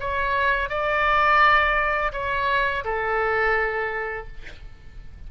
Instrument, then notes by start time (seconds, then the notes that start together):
oboe
0.00 C#5
0.69 D5
2.13 C#5
2.84 A4